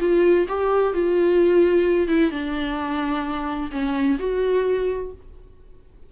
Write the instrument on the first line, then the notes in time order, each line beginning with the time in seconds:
viola
0.00 F4
0.48 G4
0.93 F4
2.08 E4
2.31 D4
3.72 C#4
4.19 F#4